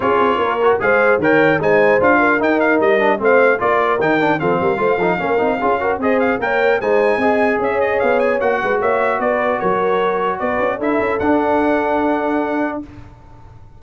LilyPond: <<
  \new Staff \with { instrumentName = "trumpet" } { \time 4/4 \tempo 4 = 150 cis''2 f''4 g''4 | gis''4 f''4 g''8 f''8 dis''4 | f''4 d''4 g''4 f''4~ | f''2. dis''8 f''8 |
g''4 gis''2 e''8 dis''8 | f''8 gis''8 fis''4 e''4 d''4 | cis''2 d''4 e''4 | fis''1 | }
  \new Staff \with { instrumentName = "horn" } { \time 4/4 gis'4 ais'4 c''4 cis''4 | c''4. ais'2~ ais'8 | c''4 ais'2 a'8 ais'8 | c''8 a'8 ais'4 gis'8 ais'8 c''4 |
cis''4 c''4 dis''4 cis''4~ | cis''4. b'8 cis''4 b'4 | ais'2 b'4 a'4~ | a'1 | }
  \new Staff \with { instrumentName = "trombone" } { \time 4/4 f'4. fis'8 gis'4 ais'4 | dis'4 f'4 dis'4. d'8 | c'4 f'4 dis'8 d'8 c'4 | f'8 dis'8 cis'8 dis'8 f'8 fis'8 gis'4 |
ais'4 dis'4 gis'2~ | gis'4 fis'2.~ | fis'2. e'4 | d'1 | }
  \new Staff \with { instrumentName = "tuba" } { \time 4/4 cis'8 c'8 ais4 gis4 dis4 | gis4 d'4 dis'4 g4 | a4 ais4 dis4 f8 g8 | a8 f8 ais8 c'8 cis'4 c'4 |
ais4 gis4 c'4 cis'4 | b4 ais8 gis8 ais4 b4 | fis2 b8 cis'8 d'8 cis'8 | d'1 | }
>>